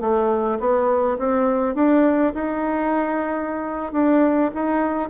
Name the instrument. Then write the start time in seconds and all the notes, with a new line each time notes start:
bassoon
0.00 A3
0.59 B3
1.18 C4
1.74 D4
2.34 D#4
3.92 D4
4.54 D#4